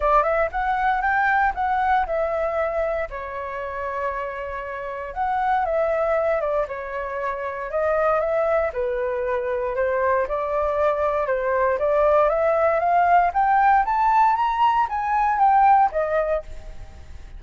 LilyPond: \new Staff \with { instrumentName = "flute" } { \time 4/4 \tempo 4 = 117 d''8 e''8 fis''4 g''4 fis''4 | e''2 cis''2~ | cis''2 fis''4 e''4~ | e''8 d''8 cis''2 dis''4 |
e''4 b'2 c''4 | d''2 c''4 d''4 | e''4 f''4 g''4 a''4 | ais''4 gis''4 g''4 dis''4 | }